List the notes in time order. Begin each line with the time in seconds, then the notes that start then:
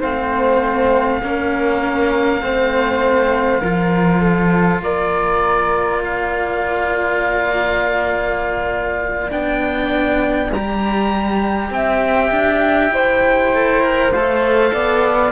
0.00 A3 C4 C5 F5
1.23 A#3 C#4 A#4
2.42 A3 C4 C5
3.61 F3 F4 A#4
4.21 A4
4.82 A#3 A#4 D5
6.00 D5 F5
9.30 B3 D4 G5
10.52 G3 G4 A#5
11.71 C4 E5 G5
12.31 D4
12.91 E4 C5
13.55 A4
13.82 A#4
14.12 A3 A4 F5
14.73 B3 D5